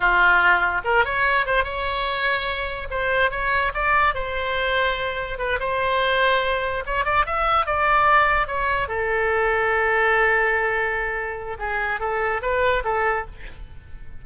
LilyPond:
\new Staff \with { instrumentName = "oboe" } { \time 4/4 \tempo 4 = 145 f'2 ais'8 cis''4 c''8 | cis''2. c''4 | cis''4 d''4 c''2~ | c''4 b'8 c''2~ c''8~ |
c''8 cis''8 d''8 e''4 d''4.~ | d''8 cis''4 a'2~ a'8~ | a'1 | gis'4 a'4 b'4 a'4 | }